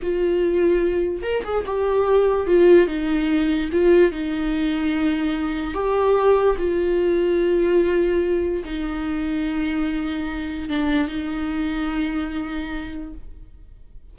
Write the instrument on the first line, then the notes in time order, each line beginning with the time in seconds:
viola
0.02 F4
1.22 A#4
1.43 G#4
1.66 G4
2.46 F4
2.87 D#4
3.72 F4
4.11 D#4
5.73 G4
6.58 F4
8.64 D#4
10.69 D4
11.08 D#4